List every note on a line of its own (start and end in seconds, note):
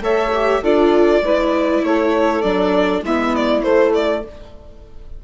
0.00 0.60 A3
0.00 0.32 A4
0.00 0.61 C#5
0.00 0.63 E5
0.34 0.63 G4
0.61 1.22 D4
0.61 1.23 F4
0.61 1.21 A4
0.61 1.84 D5
1.22 1.81 G#3
1.22 2.43 E4
1.22 1.84 B4
1.83 2.43 A3
1.83 3.02 A4
1.83 2.42 C#5
2.42 3.02 F#3
2.42 3.03 D4
2.42 3.02 D5
3.02 3.62 G#3
3.02 3.63 B3
3.02 4.21 E4
3.02 3.35 E5
3.35 3.62 D5
3.62 4.23 A3
3.62 3.93 C5
3.94 4.24 D5